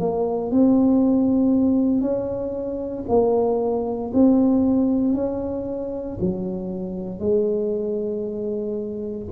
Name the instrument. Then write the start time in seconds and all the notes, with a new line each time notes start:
tuba
0.00 A#3
0.52 C4
2.02 C#4
3.09 A#3
4.14 C4
5.15 C#4
6.21 F#3
7.20 G#3